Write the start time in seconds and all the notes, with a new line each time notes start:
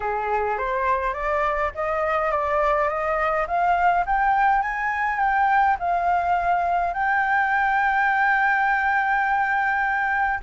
0.00 G#4
0.58 C5
1.13 D5
1.75 D#5
2.31 D5
2.88 D#5
3.47 F5
4.05 G5
4.62 G#5
5.19 G5
5.78 F5
6.93 G5